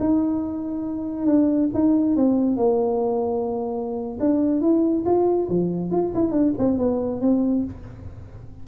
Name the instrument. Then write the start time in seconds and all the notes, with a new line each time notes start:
tuba
0.00 D#4
1.27 D4
1.74 D#4
2.16 C4
2.57 A#3
4.20 D4
4.61 E4
5.06 F4
5.50 F3
5.91 F4
6.15 E4
6.32 D4
6.59 C4
6.78 B3
7.21 C4